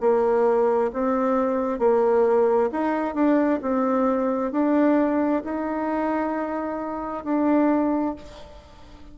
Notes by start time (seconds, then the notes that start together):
0.00 A#3
0.93 C4
1.79 A#3
2.71 D#4
3.14 D4
3.62 C4
4.51 D4
5.44 D#4
7.24 D4